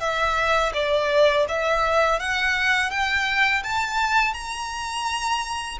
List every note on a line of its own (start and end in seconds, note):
0.00 0.72 E5
0.74 1.46 D5
1.48 2.19 E5
2.19 2.90 F#5
2.90 3.62 G5
3.63 4.33 A5
4.33 5.78 A#5